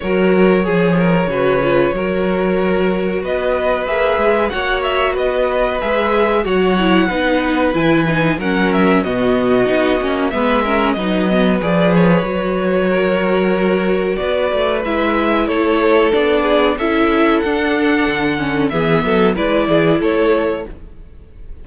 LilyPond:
<<
  \new Staff \with { instrumentName = "violin" } { \time 4/4 \tempo 4 = 93 cis''1~ | cis''4 dis''4 e''4 fis''8 e''8 | dis''4 e''4 fis''2 | gis''4 fis''8 e''8 dis''2 |
e''4 dis''4 d''8 cis''4.~ | cis''2 d''4 e''4 | cis''4 d''4 e''4 fis''4~ | fis''4 e''4 d''4 cis''4 | }
  \new Staff \with { instrumentName = "violin" } { \time 4/4 ais'4 gis'8 ais'8 b'4 ais'4~ | ais'4 b'2 cis''4 | b'2 cis''4 b'4~ | b'4 ais'4 fis'2 |
b'8 ais'8 b'2. | ais'2 b'2 | a'4. gis'8 a'2~ | a'4 gis'8 a'8 b'8 gis'8 a'4 | }
  \new Staff \with { instrumentName = "viola" } { \time 4/4 fis'4 gis'4 fis'8 f'8 fis'4~ | fis'2 gis'4 fis'4~ | fis'4 gis'4 fis'8 e'8 dis'4 | e'8 dis'8 cis'4 b4 dis'8 cis'8 |
b8 cis'8 dis'8 b8 gis'4 fis'4~ | fis'2. e'4~ | e'4 d'4 e'4 d'4~ | d'8 cis'8 b4 e'2 | }
  \new Staff \with { instrumentName = "cello" } { \time 4/4 fis4 f4 cis4 fis4~ | fis4 b4 ais8 gis8 ais4 | b4 gis4 fis4 b4 | e4 fis4 b,4 b8 ais8 |
gis4 fis4 f4 fis4~ | fis2 b8 a8 gis4 | a4 b4 cis'4 d'4 | d4 e8 fis8 gis8 e8 a4 | }
>>